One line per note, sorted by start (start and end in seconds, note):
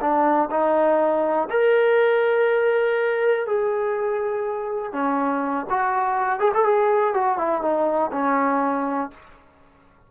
0.00 0.49 D4
0.50 1.48 D#4
1.50 3.46 A#4
3.46 4.92 G#4
4.92 5.66 C#4
5.69 6.39 F#4
6.39 6.51 G#4
6.54 6.64 A4
6.64 7.13 G#4
7.13 7.37 F#4
7.37 7.62 E4
7.62 8.11 D#4
8.12 9.10 C#4